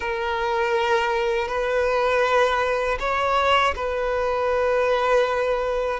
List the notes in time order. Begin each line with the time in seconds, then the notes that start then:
0.00 A#4
1.48 B4
2.99 C#5
3.75 B4